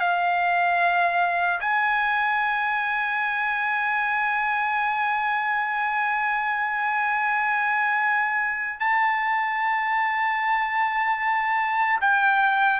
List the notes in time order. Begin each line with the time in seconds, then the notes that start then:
0.00 F5
1.60 G#5
8.80 A5
12.01 G5